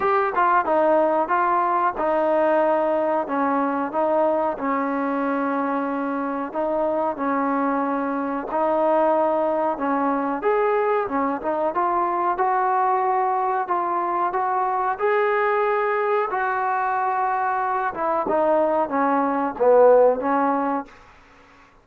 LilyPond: \new Staff \with { instrumentName = "trombone" } { \time 4/4 \tempo 4 = 92 g'8 f'8 dis'4 f'4 dis'4~ | dis'4 cis'4 dis'4 cis'4~ | cis'2 dis'4 cis'4~ | cis'4 dis'2 cis'4 |
gis'4 cis'8 dis'8 f'4 fis'4~ | fis'4 f'4 fis'4 gis'4~ | gis'4 fis'2~ fis'8 e'8 | dis'4 cis'4 b4 cis'4 | }